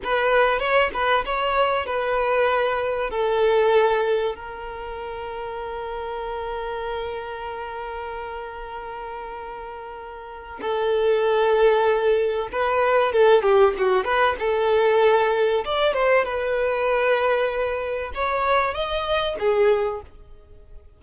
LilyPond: \new Staff \with { instrumentName = "violin" } { \time 4/4 \tempo 4 = 96 b'4 cis''8 b'8 cis''4 b'4~ | b'4 a'2 ais'4~ | ais'1~ | ais'1~ |
ais'4 a'2. | b'4 a'8 g'8 fis'8 b'8 a'4~ | a'4 d''8 c''8 b'2~ | b'4 cis''4 dis''4 gis'4 | }